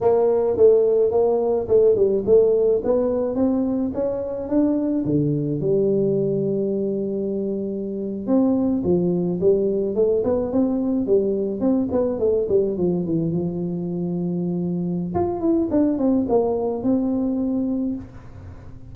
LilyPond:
\new Staff \with { instrumentName = "tuba" } { \time 4/4 \tempo 4 = 107 ais4 a4 ais4 a8 g8 | a4 b4 c'4 cis'4 | d'4 d4 g2~ | g2~ g8. c'4 f16~ |
f8. g4 a8 b8 c'4 g16~ | g8. c'8 b8 a8 g8 f8 e8 f16~ | f2. f'8 e'8 | d'8 c'8 ais4 c'2 | }